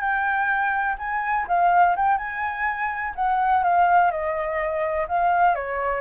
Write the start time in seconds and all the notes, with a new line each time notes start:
0.00 G5
0.98 G#5
1.47 F5
1.96 G5
2.17 G#5
3.15 F#5
3.63 F5
4.11 D#5
5.08 F5
5.55 C#5